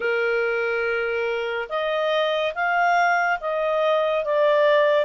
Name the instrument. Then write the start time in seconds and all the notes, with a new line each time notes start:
clarinet
0.00 A#4
1.69 D#5
2.54 F5
3.40 D#5
4.24 D5